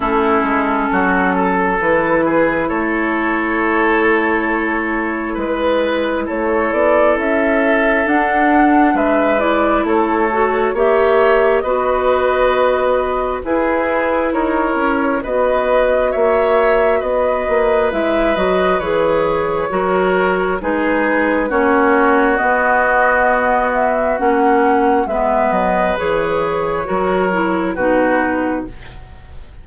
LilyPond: <<
  \new Staff \with { instrumentName = "flute" } { \time 4/4 \tempo 4 = 67 a'2 b'4 cis''4~ | cis''2 b'4 cis''8 d''8 | e''4 fis''4 e''8 d''8 cis''4 | e''4 dis''2 b'4 |
cis''4 dis''4 e''4 dis''4 | e''8 dis''8 cis''2 b'4 | cis''4 dis''4. e''8 fis''4 | e''8 dis''8 cis''2 b'4 | }
  \new Staff \with { instrumentName = "oboe" } { \time 4/4 e'4 fis'8 a'4 gis'8 a'4~ | a'2 b'4 a'4~ | a'2 b'4 a'4 | cis''4 b'2 gis'4 |
ais'4 b'4 cis''4 b'4~ | b'2 ais'4 gis'4 | fis'1 | b'2 ais'4 fis'4 | }
  \new Staff \with { instrumentName = "clarinet" } { \time 4/4 cis'2 e'2~ | e'1~ | e'4 d'4. e'4 fis'8 | g'4 fis'2 e'4~ |
e'4 fis'2. | e'8 fis'8 gis'4 fis'4 dis'4 | cis'4 b2 cis'4 | b4 gis'4 fis'8 e'8 dis'4 | }
  \new Staff \with { instrumentName = "bassoon" } { \time 4/4 a8 gis8 fis4 e4 a4~ | a2 gis4 a8 b8 | cis'4 d'4 gis4 a4 | ais4 b2 e'4 |
dis'8 cis'8 b4 ais4 b8 ais8 | gis8 fis8 e4 fis4 gis4 | ais4 b2 ais4 | gis8 fis8 e4 fis4 b,4 | }
>>